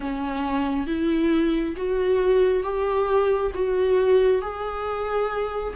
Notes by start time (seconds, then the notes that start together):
0.00 C#4
0.87 E4
1.76 F#4
2.63 G4
3.54 F#4
4.41 G#4